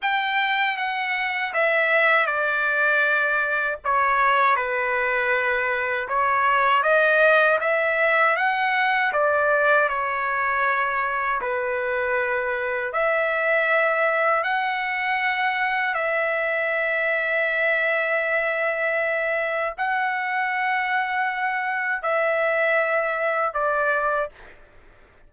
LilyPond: \new Staff \with { instrumentName = "trumpet" } { \time 4/4 \tempo 4 = 79 g''4 fis''4 e''4 d''4~ | d''4 cis''4 b'2 | cis''4 dis''4 e''4 fis''4 | d''4 cis''2 b'4~ |
b'4 e''2 fis''4~ | fis''4 e''2.~ | e''2 fis''2~ | fis''4 e''2 d''4 | }